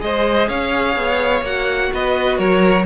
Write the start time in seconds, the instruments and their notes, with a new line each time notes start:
0.00 cello G#3, viola G#4, violin C5 D#5
0.49 cello C#4, violin C#5 F5
0.96 cello B3
1.42 cello A#3, viola F#4, violin F#5
1.93 cello B3, violin B4 D#5
2.38 cello F#3, violin A#4 C#5